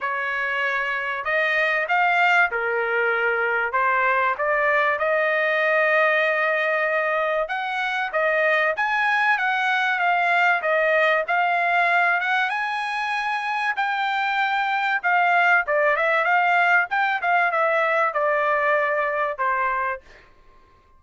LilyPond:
\new Staff \with { instrumentName = "trumpet" } { \time 4/4 \tempo 4 = 96 cis''2 dis''4 f''4 | ais'2 c''4 d''4 | dis''1 | fis''4 dis''4 gis''4 fis''4 |
f''4 dis''4 f''4. fis''8 | gis''2 g''2 | f''4 d''8 e''8 f''4 g''8 f''8 | e''4 d''2 c''4 | }